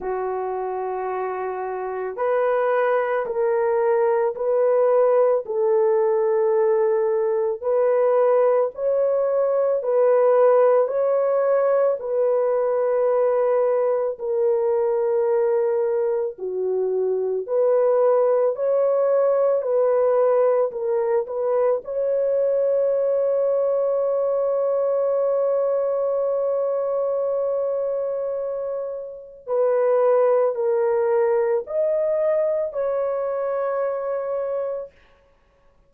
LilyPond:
\new Staff \with { instrumentName = "horn" } { \time 4/4 \tempo 4 = 55 fis'2 b'4 ais'4 | b'4 a'2 b'4 | cis''4 b'4 cis''4 b'4~ | b'4 ais'2 fis'4 |
b'4 cis''4 b'4 ais'8 b'8 | cis''1~ | cis''2. b'4 | ais'4 dis''4 cis''2 | }